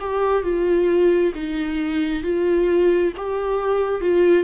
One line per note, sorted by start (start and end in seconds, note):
0.00 0.43 G4
0.43 1.33 F4
1.35 2.23 D#4
2.23 3.13 F4
3.17 4.01 G4
4.01 4.44 F4